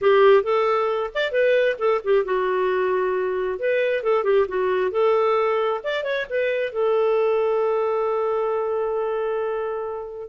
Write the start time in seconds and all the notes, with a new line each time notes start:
0.01 G4
0.43 A4
1.14 D5
1.31 B4
1.78 A4
2.04 G4
2.24 F#4
3.59 B4
4.03 A4
4.24 G4
4.48 F#4
4.91 A4
5.83 D5
6.03 C#5
6.29 B4
6.72 A4